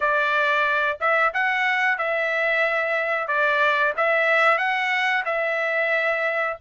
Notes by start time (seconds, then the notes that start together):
0.00 D5
1.00 E5
1.33 F#5
1.98 E5
3.27 D5
3.97 E5
4.57 F#5
5.25 E5